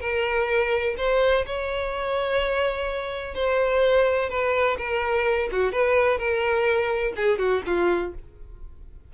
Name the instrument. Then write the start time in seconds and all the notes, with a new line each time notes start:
violin
0.00 A#4
0.97 C5
1.46 C#5
3.35 C5
4.29 B4
4.78 A#4
5.52 F#4
5.72 B4
6.18 A#4
7.16 G#4
7.38 F#4
7.66 F4